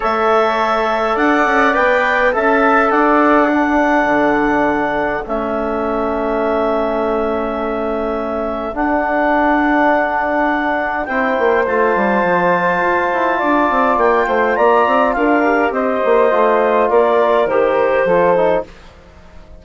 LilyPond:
<<
  \new Staff \with { instrumentName = "clarinet" } { \time 4/4 \tempo 4 = 103 e''2 fis''4 g''4 | a''4 fis''2.~ | fis''4 e''2.~ | e''2. fis''4~ |
fis''2. g''4 | a''1 | g''4 ais''4 f''4 dis''4~ | dis''4 d''4 c''2 | }
  \new Staff \with { instrumentName = "flute" } { \time 4/4 cis''2 d''2 | e''4 d''4 a'2~ | a'1~ | a'1~ |
a'2. c''4~ | c''2. d''4~ | d''8 c''8 d''4 ais'4 c''4~ | c''4 ais'2 a'4 | }
  \new Staff \with { instrumentName = "trombone" } { \time 4/4 a'2. b'4 | a'2 d'2~ | d'4 cis'2.~ | cis'2. d'4~ |
d'2. e'4 | f'1~ | f'2~ f'8 g'4. | f'2 g'4 f'8 dis'8 | }
  \new Staff \with { instrumentName = "bassoon" } { \time 4/4 a2 d'8 cis'8 b4 | cis'4 d'2 d4~ | d4 a2.~ | a2. d'4~ |
d'2. c'8 ais8 | a8 g8 f4 f'8 e'8 d'8 c'8 | ais8 a8 ais8 c'8 d'4 c'8 ais8 | a4 ais4 dis4 f4 | }
>>